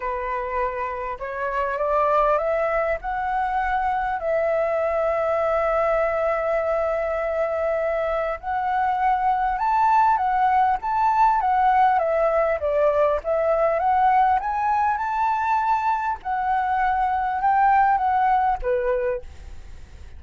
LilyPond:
\new Staff \with { instrumentName = "flute" } { \time 4/4 \tempo 4 = 100 b'2 cis''4 d''4 | e''4 fis''2 e''4~ | e''1~ | e''2 fis''2 |
a''4 fis''4 a''4 fis''4 | e''4 d''4 e''4 fis''4 | gis''4 a''2 fis''4~ | fis''4 g''4 fis''4 b'4 | }